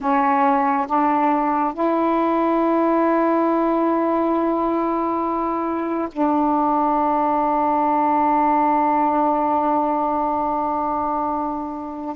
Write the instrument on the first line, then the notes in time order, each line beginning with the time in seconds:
saxophone
0.00 C#4
0.87 D4
1.73 E4
6.11 D4